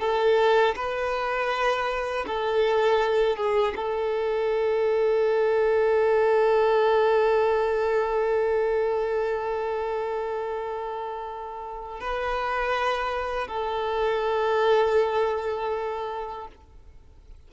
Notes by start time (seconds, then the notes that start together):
0.00 A4
0.75 B4
2.27 A4
3.36 G#4
3.76 A4
12.00 B4
13.48 A4